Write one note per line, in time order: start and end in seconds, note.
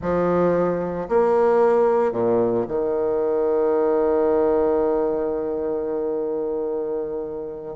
0.01 1.08 F3
1.08 2.12 A#3
2.12 2.65 A#2
2.68 7.76 D#3